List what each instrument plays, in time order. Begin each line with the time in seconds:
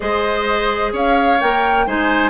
0.00 bassoon G#3, clarinet G#4, oboe C5, flute D#5
0.92 bassoon C#4, oboe C#5, flute F5
1.40 bassoon A#3, clarinet A#4, flute G5
1.86 bassoon G#3, clarinet D#4, oboe C5, flute G#5